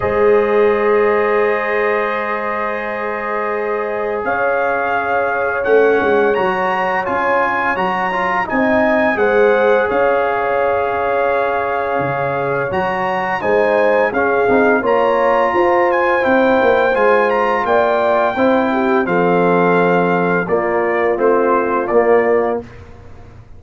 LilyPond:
<<
  \new Staff \with { instrumentName = "trumpet" } { \time 4/4 \tempo 4 = 85 dis''1~ | dis''2 f''2 | fis''4 ais''4 gis''4 ais''4 | gis''4 fis''4 f''2~ |
f''2 ais''4 gis''4 | f''4 ais''4. gis''8 g''4 | gis''8 ais''8 g''2 f''4~ | f''4 d''4 c''4 d''4 | }
  \new Staff \with { instrumentName = "horn" } { \time 4/4 c''1~ | c''2 cis''2~ | cis''1 | dis''4 c''4 cis''2~ |
cis''2. c''4 | gis'4 cis''4 c''2~ | c''4 d''4 c''8 g'8 a'4~ | a'4 f'2. | }
  \new Staff \with { instrumentName = "trombone" } { \time 4/4 gis'1~ | gis'1 | cis'4 fis'4 f'4 fis'8 f'8 | dis'4 gis'2.~ |
gis'2 fis'4 dis'4 | cis'8 dis'8 f'2 e'4 | f'2 e'4 c'4~ | c'4 ais4 c'4 ais4 | }
  \new Staff \with { instrumentName = "tuba" } { \time 4/4 gis1~ | gis2 cis'2 | a8 gis8 fis4 cis'4 fis4 | c'4 gis4 cis'2~ |
cis'4 cis4 fis4 gis4 | cis'8 c'8 ais4 f'4 c'8 ais8 | gis4 ais4 c'4 f4~ | f4 ais4 a4 ais4 | }
>>